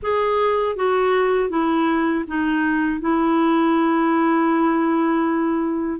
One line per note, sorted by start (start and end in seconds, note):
0.02 0.76 G#4
0.76 1.49 F#4
1.49 2.24 E4
2.27 3.00 D#4
3.00 5.99 E4